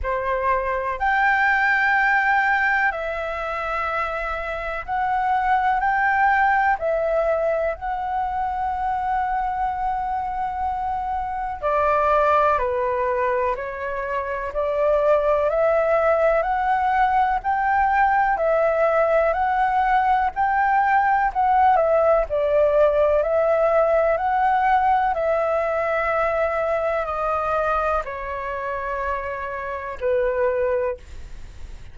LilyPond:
\new Staff \with { instrumentName = "flute" } { \time 4/4 \tempo 4 = 62 c''4 g''2 e''4~ | e''4 fis''4 g''4 e''4 | fis''1 | d''4 b'4 cis''4 d''4 |
e''4 fis''4 g''4 e''4 | fis''4 g''4 fis''8 e''8 d''4 | e''4 fis''4 e''2 | dis''4 cis''2 b'4 | }